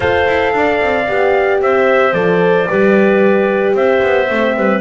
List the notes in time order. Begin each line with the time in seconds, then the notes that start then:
0.00 F4 A4 C5 F5
0.27 E4
0.53 D4 D5
0.80 C4
1.07 B3 G4
1.61 C4 C5 E5
2.13 F3 A4 D5
2.68 G3 G4 B4
3.74 C4 C5 E5
4.02 B3
4.29 A3 C4
4.56 G3 B4